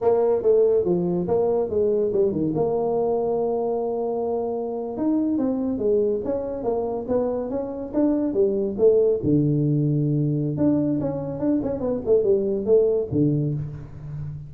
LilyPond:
\new Staff \with { instrumentName = "tuba" } { \time 4/4 \tempo 4 = 142 ais4 a4 f4 ais4 | gis4 g8 dis8 ais2~ | ais2.~ ais8. dis'16~ | dis'8. c'4 gis4 cis'4 ais16~ |
ais8. b4 cis'4 d'4 g16~ | g8. a4 d2~ d16~ | d4 d'4 cis'4 d'8 cis'8 | b8 a8 g4 a4 d4 | }